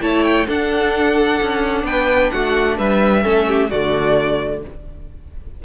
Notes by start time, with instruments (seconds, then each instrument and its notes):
0.00 cello A3, viola E4, violin C#5 A5
0.23 violin G5
0.47 viola D4, cello D4, violin A4 F#5
1.42 cello C#4
1.83 cello B3, violin B4 G5
2.30 cello A3, violin F#4 F#5
2.77 cello G3, violin B4 E5
3.22 cello A3, viola C#4, violin A4
3.47 violin G4
3.70 cello D3, viola A3, violin F#4 D5